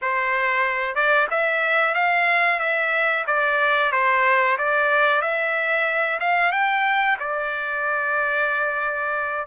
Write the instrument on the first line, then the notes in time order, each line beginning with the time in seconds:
trumpet
0.01 C5
0.95 D5
1.30 E5
1.94 F5
2.59 E5
3.26 D5
3.92 C5
4.58 D5
5.21 E5
6.20 F5
6.52 G5
7.19 D5